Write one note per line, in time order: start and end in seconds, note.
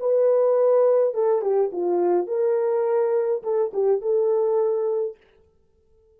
0.00 1.14 B4
1.14 1.42 A4
1.42 1.71 G4
1.73 2.27 F4
2.27 3.42 A#4
3.43 3.72 A4
3.73 4.01 G4
4.01 5.17 A4